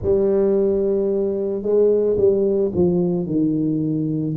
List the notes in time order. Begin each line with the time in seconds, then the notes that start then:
0.02 G3
1.62 G#3
2.17 G3
2.75 F3
3.26 D#3